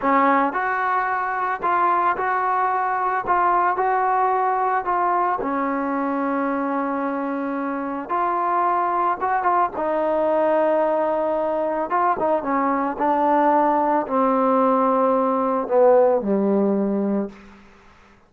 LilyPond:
\new Staff \with { instrumentName = "trombone" } { \time 4/4 \tempo 4 = 111 cis'4 fis'2 f'4 | fis'2 f'4 fis'4~ | fis'4 f'4 cis'2~ | cis'2. f'4~ |
f'4 fis'8 f'8 dis'2~ | dis'2 f'8 dis'8 cis'4 | d'2 c'2~ | c'4 b4 g2 | }